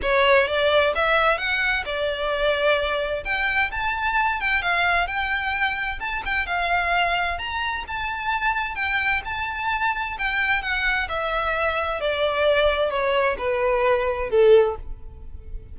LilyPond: \new Staff \with { instrumentName = "violin" } { \time 4/4 \tempo 4 = 130 cis''4 d''4 e''4 fis''4 | d''2. g''4 | a''4. g''8 f''4 g''4~ | g''4 a''8 g''8 f''2 |
ais''4 a''2 g''4 | a''2 g''4 fis''4 | e''2 d''2 | cis''4 b'2 a'4 | }